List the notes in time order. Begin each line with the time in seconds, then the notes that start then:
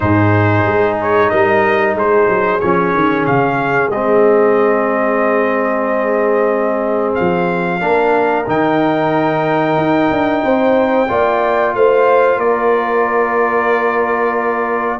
0.00 G#2 D#4 G#4 C5
0.65 G#3
1.01 C#5
1.29 G3 A#4 D#5
1.94 G#3 G#4 C5
2.28 F#3
2.60 F3 C#4 C#5
2.94 D#3
3.26 C#3 F5
3.89 G#3 C4 D#5
7.15 F3 F5
7.80 A#3 D4 A#4
8.46 D#3 D#4 G5
9.77 D#4
10.10 D4
10.43 C4 C5
11.08 A#3 F4 D5
11.74 A3 C5 F5
12.37 A#3 A#4 D5